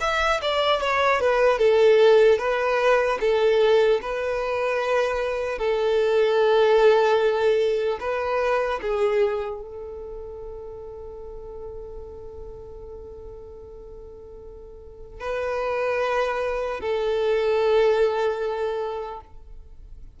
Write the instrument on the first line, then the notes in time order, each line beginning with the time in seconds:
violin
0.00 E5
0.41 D5
0.80 C#5
1.20 B4
1.58 A4
2.38 B4
3.20 A4
4.01 B4
5.58 A4
8.00 B4
8.81 G#4
9.61 A4
15.20 B4
16.80 A4